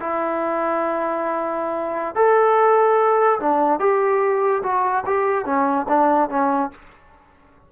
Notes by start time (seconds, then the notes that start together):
0.00 E4
2.15 A4
3.39 D4
3.80 G4
4.63 F#4
5.06 G4
5.45 C#4
5.89 D4
6.29 C#4